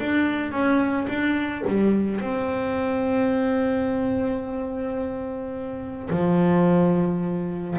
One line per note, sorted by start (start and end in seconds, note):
0.00 0.52 D4
0.52 1.07 C#4
1.09 1.64 D4
1.68 2.21 G3
2.21 6.10 C4
6.10 7.77 F3